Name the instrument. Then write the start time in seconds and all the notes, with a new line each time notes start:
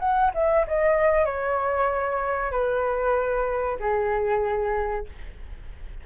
flute
0.00 F#5
0.34 E5
0.67 D#5
1.25 C#5
2.51 B4
3.80 G#4